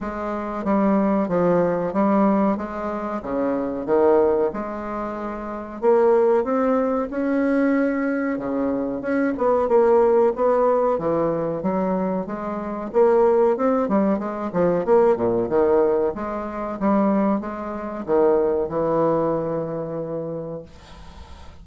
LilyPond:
\new Staff \with { instrumentName = "bassoon" } { \time 4/4 \tempo 4 = 93 gis4 g4 f4 g4 | gis4 cis4 dis4 gis4~ | gis4 ais4 c'4 cis'4~ | cis'4 cis4 cis'8 b8 ais4 |
b4 e4 fis4 gis4 | ais4 c'8 g8 gis8 f8 ais8 ais,8 | dis4 gis4 g4 gis4 | dis4 e2. | }